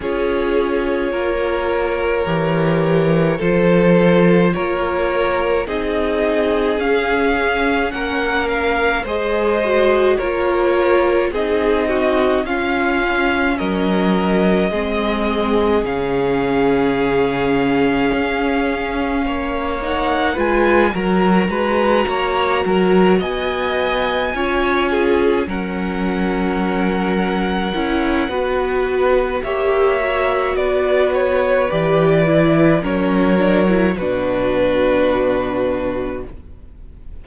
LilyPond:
<<
  \new Staff \with { instrumentName = "violin" } { \time 4/4 \tempo 4 = 53 cis''2. c''4 | cis''4 dis''4 f''4 fis''8 f''8 | dis''4 cis''4 dis''4 f''4 | dis''2 f''2~ |
f''4. fis''8 gis''8 ais''4.~ | ais''8 gis''2 fis''4.~ | fis''2 e''4 d''8 cis''8 | d''4 cis''4 b'2 | }
  \new Staff \with { instrumentName = "violin" } { \time 4/4 gis'4 ais'2 a'4 | ais'4 gis'2 ais'4 | c''4 ais'4 gis'8 fis'8 f'4 | ais'4 gis'2.~ |
gis'4 cis''4 b'8 ais'8 b'8 cis''8 | ais'8 dis''4 cis''8 gis'8 ais'4.~ | ais'4 b'4 cis''4 b'4~ | b'4 ais'4 fis'2 | }
  \new Staff \with { instrumentName = "viola" } { \time 4/4 f'2 g'4 f'4~ | f'4 dis'4 cis'2 | gis'8 fis'8 f'4 dis'4 cis'4~ | cis'4 c'4 cis'2~ |
cis'4. dis'8 f'8 fis'4.~ | fis'4. f'4 cis'4.~ | cis'8 e'8 fis'4 g'8 fis'4. | g'8 e'8 cis'8 d'16 e'16 d'2 | }
  \new Staff \with { instrumentName = "cello" } { \time 4/4 cis'4 ais4 e4 f4 | ais4 c'4 cis'4 ais4 | gis4 ais4 c'4 cis'4 | fis4 gis4 cis2 |
cis'4 ais4 gis8 fis8 gis8 ais8 | fis8 b4 cis'4 fis4.~ | fis8 cis'8 b4 ais4 b4 | e4 fis4 b,2 | }
>>